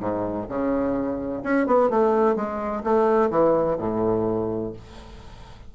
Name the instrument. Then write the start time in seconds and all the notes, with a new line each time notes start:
bassoon
0.00 G#2
0.49 C#3
1.44 C#4
1.67 B3
1.90 A3
2.36 G#3
2.84 A3
3.31 E3
3.79 A2